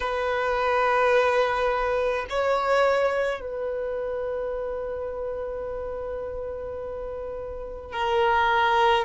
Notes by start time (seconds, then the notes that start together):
0.00 B4
2.29 C#5
3.41 B4
7.92 A#4